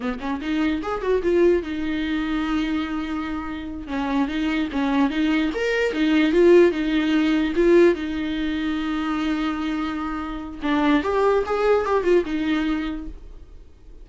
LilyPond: \new Staff \with { instrumentName = "viola" } { \time 4/4 \tempo 4 = 147 b8 cis'8 dis'4 gis'8 fis'8 f'4 | dis'1~ | dis'4. cis'4 dis'4 cis'8~ | cis'8 dis'4 ais'4 dis'4 f'8~ |
f'8 dis'2 f'4 dis'8~ | dis'1~ | dis'2 d'4 g'4 | gis'4 g'8 f'8 dis'2 | }